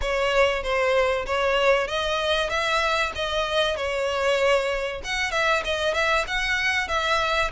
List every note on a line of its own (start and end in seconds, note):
0.01 0.62 C#5
0.62 1.25 C5
1.26 1.88 C#5
1.88 2.49 D#5
2.49 3.12 E5
3.15 3.76 D#5
3.76 5.01 C#5
5.04 5.31 F#5
5.31 5.62 E5
5.64 5.94 D#5
5.94 6.25 E5
6.27 6.88 F#5
6.88 7.50 E5